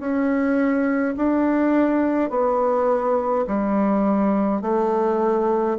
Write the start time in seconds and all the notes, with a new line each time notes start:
0.00 C#4
1.17 D4
2.30 B3
3.48 G3
4.62 A3